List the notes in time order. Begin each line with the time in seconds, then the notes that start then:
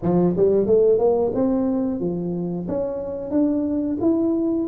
0.02 F3
0.36 G3
0.66 A3
0.98 A#3
1.34 C4
2.00 F3
2.68 C#4
3.31 D4
4.00 E4